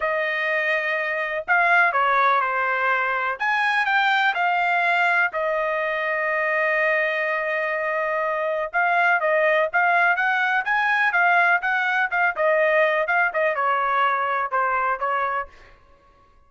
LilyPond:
\new Staff \with { instrumentName = "trumpet" } { \time 4/4 \tempo 4 = 124 dis''2. f''4 | cis''4 c''2 gis''4 | g''4 f''2 dis''4~ | dis''1~ |
dis''2 f''4 dis''4 | f''4 fis''4 gis''4 f''4 | fis''4 f''8 dis''4. f''8 dis''8 | cis''2 c''4 cis''4 | }